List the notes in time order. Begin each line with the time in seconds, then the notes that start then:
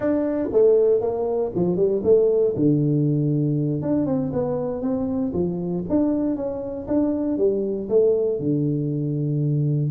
0.00 D4
0.52 A3
1.00 A#3
1.55 F3
1.76 G3
2.03 A3
2.55 D3
3.81 D4
4.06 C4
4.32 B3
4.81 C4
5.33 F3
5.89 D4
6.36 C#4
6.87 D4
7.37 G3
7.89 A3
8.39 D3